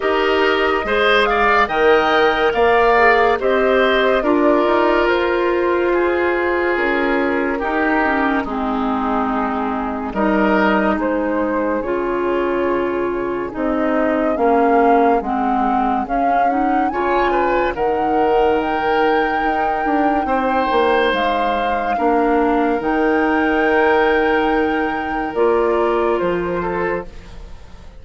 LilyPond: <<
  \new Staff \with { instrumentName = "flute" } { \time 4/4 \tempo 4 = 71 dis''4. f''8 g''4 f''4 | dis''4 d''4 c''2 | ais'2 gis'2 | dis''4 c''4 cis''2 |
dis''4 f''4 fis''4 f''8 fis''8 | gis''4 fis''4 g''2~ | g''4 f''2 g''4~ | g''2 d''4 c''4 | }
  \new Staff \with { instrumentName = "oboe" } { \time 4/4 ais'4 c''8 d''8 dis''4 d''4 | c''4 ais'2 gis'4~ | gis'4 g'4 dis'2 | ais'4 gis'2.~ |
gis'1 | cis''8 b'8 ais'2. | c''2 ais'2~ | ais'2.~ ais'8 a'8 | }
  \new Staff \with { instrumentName = "clarinet" } { \time 4/4 g'4 gis'4 ais'4. gis'8 | g'4 f'2.~ | f'4 dis'8 cis'8 c'2 | dis'2 f'2 |
dis'4 cis'4 c'4 cis'8 dis'8 | f'4 dis'2.~ | dis'2 d'4 dis'4~ | dis'2 f'2 | }
  \new Staff \with { instrumentName = "bassoon" } { \time 4/4 dis'4 gis4 dis4 ais4 | c'4 d'8 dis'8 f'2 | cis'4 dis'4 gis2 | g4 gis4 cis2 |
c'4 ais4 gis4 cis'4 | cis4 dis2 dis'8 d'8 | c'8 ais8 gis4 ais4 dis4~ | dis2 ais4 f4 | }
>>